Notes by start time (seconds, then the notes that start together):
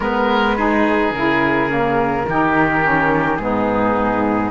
0.00 G#3 B3 A#4 B4
0.56 D#4 G#4
1.10 C#3 E4 A#4
1.69 A#3
2.28 D#3 D#4 G4
2.81 C#4
3.36 G#2 B3 D#4 G#4